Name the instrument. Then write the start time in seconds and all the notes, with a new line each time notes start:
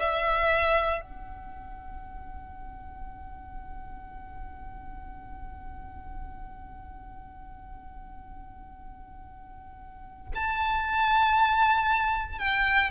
violin
0.00 E5
1.02 F#5
10.35 A5
12.39 G5